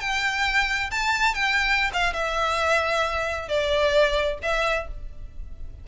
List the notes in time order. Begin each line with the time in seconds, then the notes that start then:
0.00 G5
0.91 A5
1.34 G5
1.93 F5
2.13 E5
3.48 D5
4.42 E5